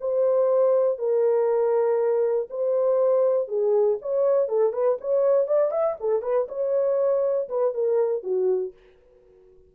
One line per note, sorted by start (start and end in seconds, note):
0.00 0.98 C5
0.98 2.48 A#4
2.50 3.48 C5
3.48 3.98 G#4
4.01 4.48 C#5
4.48 4.72 A4
4.72 4.97 B4
5.00 5.47 C#5
5.47 5.71 D5
5.71 5.96 E5
6.00 6.22 A4
6.22 6.47 B4
6.48 7.48 C#5
7.49 7.74 B4
7.74 8.23 A#4
8.23 8.73 F#4